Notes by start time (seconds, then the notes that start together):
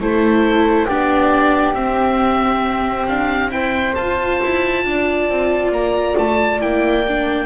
0.00 A3 E4 A4 C5
0.86 B3 D4 G4 D5
1.74 C4 E5
3.07 D4 F5
3.50 E4 C5 G5
3.95 F4 A5
4.43 E4
4.84 D4 D5
5.29 C4
5.71 A#3 A#5
6.18 A3 A5
6.61 A#3 E4 G5
7.08 D4